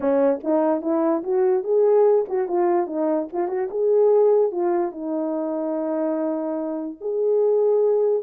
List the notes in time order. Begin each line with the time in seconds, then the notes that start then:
0.00 C#4
0.43 D#4
0.81 E4
1.23 F#4
1.63 G#4
2.28 F#4
2.48 F4
2.86 D#4
3.33 F4
3.48 F#4
3.70 G#4
4.51 F4
4.91 D#4
7.00 G#4